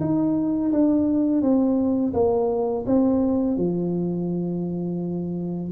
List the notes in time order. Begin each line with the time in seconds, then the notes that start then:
0.00 D#4
0.72 D4
1.42 C4
2.13 A#3
2.86 C4
3.57 F3